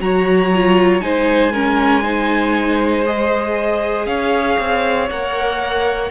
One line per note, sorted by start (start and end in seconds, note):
0.00 1.01 F#3
0.00 0.51 F#4
0.00 1.04 C#5
0.00 1.01 A#5
0.55 1.01 F4
1.01 4.06 G#3
1.01 1.51 D#4
1.01 1.52 C5
1.01 3.04 G#5
1.52 2.03 C#4
1.52 2.03 A#4
2.03 3.04 D#4
2.03 4.07 C5
3.06 5.09 G#4
3.06 4.06 D#5
4.06 4.57 C#4
4.06 6.10 C#5
4.06 5.08 F5
4.59 5.10 C4
5.10 6.10 A#3
5.10 6.10 A#4
5.10 6.10 F#5